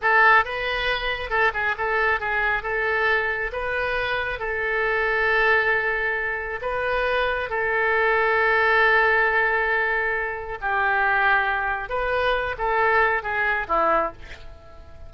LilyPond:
\new Staff \with { instrumentName = "oboe" } { \time 4/4 \tempo 4 = 136 a'4 b'2 a'8 gis'8 | a'4 gis'4 a'2 | b'2 a'2~ | a'2. b'4~ |
b'4 a'2.~ | a'1 | g'2. b'4~ | b'8 a'4. gis'4 e'4 | }